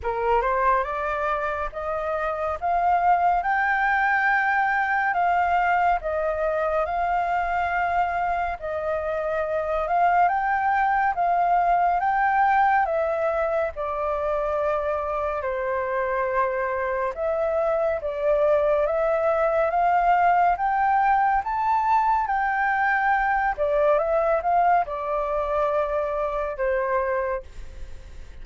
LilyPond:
\new Staff \with { instrumentName = "flute" } { \time 4/4 \tempo 4 = 70 ais'8 c''8 d''4 dis''4 f''4 | g''2 f''4 dis''4 | f''2 dis''4. f''8 | g''4 f''4 g''4 e''4 |
d''2 c''2 | e''4 d''4 e''4 f''4 | g''4 a''4 g''4. d''8 | e''8 f''8 d''2 c''4 | }